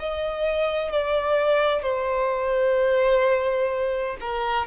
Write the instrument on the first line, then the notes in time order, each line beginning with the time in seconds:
violin
0.00 D#5
0.92 D5
1.83 C5
4.21 A#4